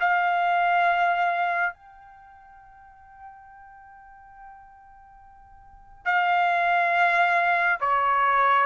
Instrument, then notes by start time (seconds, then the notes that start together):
trumpet
0.00 F5
1.73 G5
6.05 F5
7.80 C#5